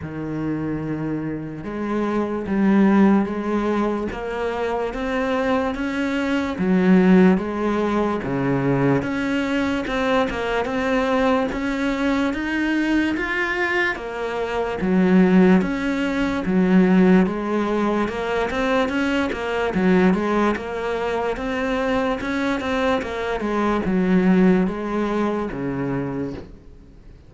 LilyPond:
\new Staff \with { instrumentName = "cello" } { \time 4/4 \tempo 4 = 73 dis2 gis4 g4 | gis4 ais4 c'4 cis'4 | fis4 gis4 cis4 cis'4 | c'8 ais8 c'4 cis'4 dis'4 |
f'4 ais4 fis4 cis'4 | fis4 gis4 ais8 c'8 cis'8 ais8 | fis8 gis8 ais4 c'4 cis'8 c'8 | ais8 gis8 fis4 gis4 cis4 | }